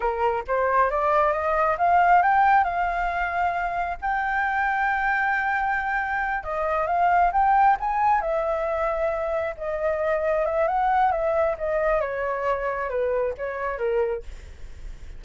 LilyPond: \new Staff \with { instrumentName = "flute" } { \time 4/4 \tempo 4 = 135 ais'4 c''4 d''4 dis''4 | f''4 g''4 f''2~ | f''4 g''2.~ | g''2~ g''8 dis''4 f''8~ |
f''8 g''4 gis''4 e''4.~ | e''4. dis''2 e''8 | fis''4 e''4 dis''4 cis''4~ | cis''4 b'4 cis''4 ais'4 | }